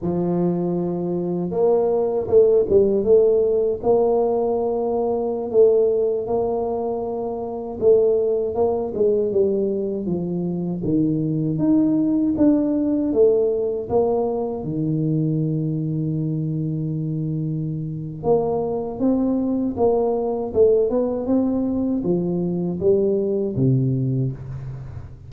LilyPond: \new Staff \with { instrumentName = "tuba" } { \time 4/4 \tempo 4 = 79 f2 ais4 a8 g8 | a4 ais2~ ais16 a8.~ | a16 ais2 a4 ais8 gis16~ | gis16 g4 f4 dis4 dis'8.~ |
dis'16 d'4 a4 ais4 dis8.~ | dis1 | ais4 c'4 ais4 a8 b8 | c'4 f4 g4 c4 | }